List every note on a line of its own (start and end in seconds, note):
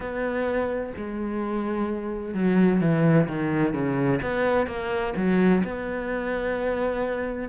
0.00 0.93 B3
0.96 2.34 G#3
2.34 2.80 F#3
2.80 3.27 E3
3.28 3.73 D#3
3.73 4.20 C#3
4.22 4.66 B3
4.66 5.13 A#3
5.16 5.63 F#3
5.63 7.48 B3